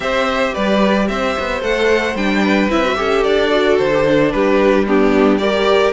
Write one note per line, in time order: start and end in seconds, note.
0.00 0.52 C4
0.00 1.60 G4
0.00 0.53 C5
0.00 0.54 E5
0.53 1.09 G3
0.53 1.07 B4
0.53 1.08 D5
1.08 1.36 C4
1.08 2.42 C5
1.08 1.62 E5
1.39 1.62 B3
1.60 2.14 A3
1.60 2.15 A4
1.60 2.16 F#5
2.14 2.68 G3
2.14 2.70 D4
2.14 2.70 G5
2.42 2.96 B4
2.69 2.96 C4
2.69 2.83 E4
2.69 3.23 E5
2.84 2.95 F#4
2.95 3.25 C#4
2.95 3.49 G4
2.95 4.33 A4
3.23 3.79 D4
3.23 3.77 D5
3.49 3.90 F#4
3.77 4.33 D3
3.77 4.31 C5
3.94 4.05 G4
4.05 4.86 D4
4.31 5.93 G3
4.31 4.87 G4
4.31 4.85 B4
4.87 5.38 B3
4.87 5.41 D4
4.87 5.38 G4
5.38 5.92 G4
5.38 5.93 A#4
5.38 5.92 D5